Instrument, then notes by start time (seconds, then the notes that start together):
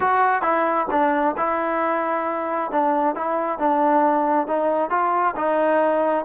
trombone
0.00 F#4
0.42 E4
0.90 D4
1.37 E4
2.71 D4
3.15 E4
3.59 D4
4.47 D#4
4.89 F4
5.36 D#4